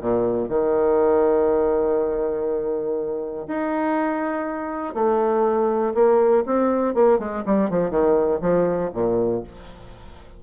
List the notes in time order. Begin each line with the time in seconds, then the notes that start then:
0.00 A#2
0.48 D#3
3.47 D#4
4.94 A3
5.94 A#3
6.46 C4
6.94 A#3
7.18 G#3
7.45 G3
7.69 F3
7.90 D#3
8.41 F3
8.93 A#2